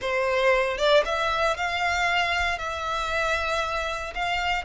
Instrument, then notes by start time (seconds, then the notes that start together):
violin
0.01 C5
0.77 D5
1.05 E5
1.57 F5
2.58 E5
4.14 F5